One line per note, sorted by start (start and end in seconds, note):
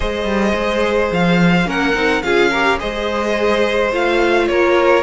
0.00 0.24 G#3
0.00 1.65 G#4
0.00 1.66 C5
0.00 1.12 D#5
0.24 0.52 G3
0.54 1.10 G#3
1.11 1.66 F3
1.11 1.69 F5
1.65 1.94 A#3
1.65 1.93 C#4
1.65 2.22 A#4
1.65 2.22 F#5
1.94 2.22 C4
1.94 2.22 D#4
2.22 2.80 C#4
2.22 2.52 F4
2.22 2.50 G#4
2.22 2.78 F5
2.50 2.78 G4
2.50 2.78 A#4
2.78 3.92 G#3
2.78 3.90 G#4
2.78 4.48 C5
2.78 3.92 D#5
3.92 4.48 A3
3.92 5.03 F4
3.92 4.47 F5
4.47 5.03 A#3
4.47 5.03 A#4
4.47 5.03 C#5